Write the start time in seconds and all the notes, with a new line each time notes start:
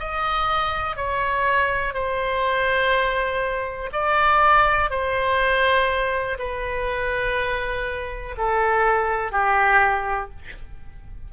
0.00 D#5
0.97 C#5
1.94 C5
3.93 D5
4.90 C5
6.39 B4
8.38 A4
9.33 G4